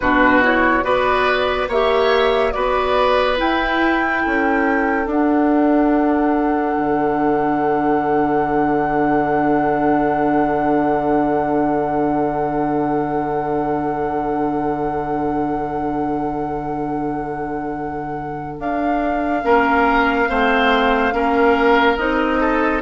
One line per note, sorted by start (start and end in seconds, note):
0.00 0.83 B2
0.00 0.43 D4
0.00 0.84 F#4
0.00 0.42 B4
0.43 0.82 E4
0.43 0.84 C#5
0.82 1.68 B3
0.82 1.67 F#4
0.82 1.68 B4
0.82 1.68 D5
1.68 2.53 A#3
1.68 2.52 G4
1.68 2.53 C#5
1.68 2.52 E5
2.52 3.40 B3
2.52 3.36 F#4
2.52 4.22 B4
2.52 3.36 D5
3.36 5.05 E4
3.36 4.25 E4
3.36 5.08 G5
4.22 5.06 C#4
4.22 19.43 A4
5.06 6.75 D4
5.06 19.43 D4
5.06 18.60 F#5
6.77 18.59 D3
18.59 19.43 D4
18.59 21.97 F5
19.43 20.28 A#3
19.43 20.27 C#4
19.43 20.29 A#4
20.28 21.12 A3
20.28 21.12 C4
20.28 21.13 C5
21.12 21.97 A#3
21.12 21.96 C#4
21.12 22.40 A#4
21.97 22.82 C4
21.97 22.82 D#4
21.97 22.81 D#5
22.40 22.82 A4